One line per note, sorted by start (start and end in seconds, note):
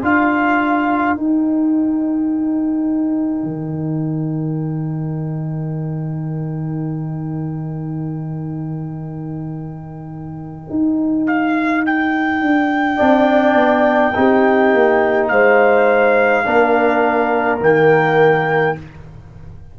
0.00 1.18 D4
0.00 1.18 F4
0.00 12.97 A#4
0.00 1.18 F5
1.18 3.44 D#4
1.18 12.98 D#4
1.18 11.27 G5
3.44 10.65 D#3
10.70 12.42 D#4
11.27 11.85 F5
11.86 15.28 G5
12.42 13.00 D4
12.97 13.55 C4
12.97 14.13 D4
12.97 14.12 D5
13.55 14.13 B3
14.15 14.74 C4
14.15 16.45 D#4
14.15 15.32 G4
14.74 15.31 A#3
15.28 16.46 G#3
15.28 16.47 C5
15.28 17.59 F5
16.45 17.61 A#3
16.45 17.61 D4
16.45 18.78 A#4
17.61 18.76 D#3
17.61 18.76 A#3
17.61 18.79 G5